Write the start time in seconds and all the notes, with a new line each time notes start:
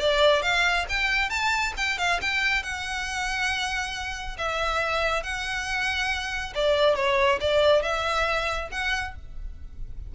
0.00 D5
0.43 F5
0.90 G5
1.30 A5
1.77 G5
1.99 F5
2.22 G5
2.63 F#5
4.38 E5
5.24 F#5
6.56 D5
6.96 C#5
7.41 D5
7.83 E5
8.72 F#5